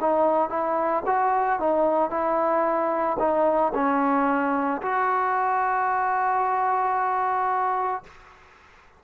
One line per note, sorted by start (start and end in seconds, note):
0.00 0.49 D#4
0.49 1.02 E4
1.06 1.59 F#4
1.59 2.10 D#4
2.10 3.17 E4
3.19 3.72 D#4
3.74 4.81 C#4
4.82 8.03 F#4